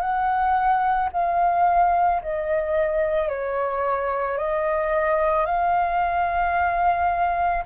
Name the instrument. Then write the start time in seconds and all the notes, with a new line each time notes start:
flute
0.00 F#5
1.13 F5
2.22 D#5
3.29 C#5
4.38 D#5
5.46 F5